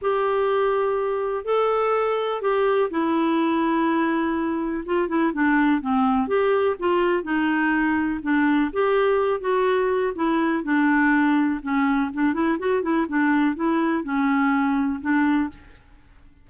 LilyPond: \new Staff \with { instrumentName = "clarinet" } { \time 4/4 \tempo 4 = 124 g'2. a'4~ | a'4 g'4 e'2~ | e'2 f'8 e'8 d'4 | c'4 g'4 f'4 dis'4~ |
dis'4 d'4 g'4. fis'8~ | fis'4 e'4 d'2 | cis'4 d'8 e'8 fis'8 e'8 d'4 | e'4 cis'2 d'4 | }